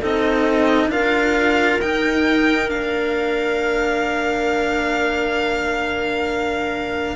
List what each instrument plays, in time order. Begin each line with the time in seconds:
0.00 cello C4 D#4, clarinet A4, violin D#5
0.87 cello D4 F4, clarinet A#4, violin F5
1.80 cello D#4, violin G5
2.68 cello A#3 D4, violin F5